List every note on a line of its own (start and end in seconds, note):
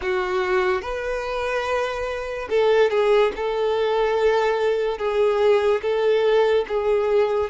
0.02 0.81 F#4
0.81 2.48 B4
2.49 2.90 A4
2.90 3.31 G#4
3.35 4.98 A4
4.98 5.81 G#4
5.81 6.65 A4
6.68 7.50 G#4